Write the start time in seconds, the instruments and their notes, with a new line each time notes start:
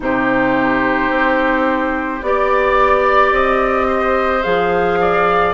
0.00 bassoon C3, clarinet D#4, oboe G4, flute C5
1.10 bassoon C4
2.22 bassoon B3, clarinet G4, flute D5, oboe D5
3.32 bassoon C4, flute D#5
3.87 oboe C5
4.42 bassoon F3, clarinet G#4, flute F5
5.00 oboe D5